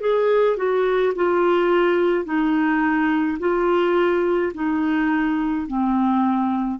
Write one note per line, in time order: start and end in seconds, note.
0.00 0.57 G#4
0.57 1.13 F#4
1.15 2.24 F4
2.24 3.38 D#4
3.39 4.52 F4
4.54 5.67 D#4
5.67 6.79 C4